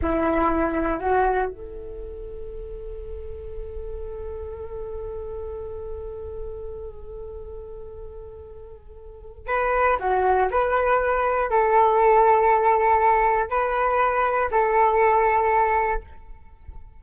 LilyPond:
\new Staff \with { instrumentName = "flute" } { \time 4/4 \tempo 4 = 120 e'2 fis'4 a'4~ | a'1~ | a'1~ | a'1~ |
a'2. b'4 | fis'4 b'2 a'4~ | a'2. b'4~ | b'4 a'2. | }